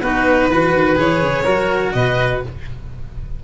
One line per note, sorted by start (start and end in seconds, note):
0.00 0.48 B3
0.00 0.51 D#4
0.00 0.49 F#4
0.00 0.96 B4
0.49 0.73 E3
0.49 0.96 F#4
0.49 1.44 B4
0.73 0.97 D#3
0.96 1.21 E3
0.96 1.44 G#4
0.96 1.92 C#5
1.22 1.46 C#3
1.44 1.94 F#3
1.44 2.42 F#4
1.44 1.92 A#4
1.92 2.42 B2
1.92 2.43 B4
1.92 2.40 D#5